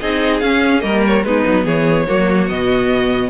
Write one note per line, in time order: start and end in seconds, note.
0.00 0.42 C4
0.00 0.42 D#4
0.00 0.83 G#4
0.00 0.40 D#5
0.40 0.81 C#4
0.40 0.83 C#4
0.40 0.81 F5
0.81 1.24 G3
0.81 1.22 A#3
0.81 1.25 A#4
0.81 1.01 D#5
1.07 1.24 C#5
1.24 1.44 G#3
1.24 2.07 B3
1.24 1.65 D#4
1.24 1.65 B4
1.47 1.65 F#3
1.65 2.06 E3
1.65 2.06 G#4
1.65 2.49 C#5
2.06 2.50 F#3
2.06 2.48 A#3
2.06 3.30 F#4
2.48 3.30 B2
2.48 3.30 B3
2.48 3.30 D#5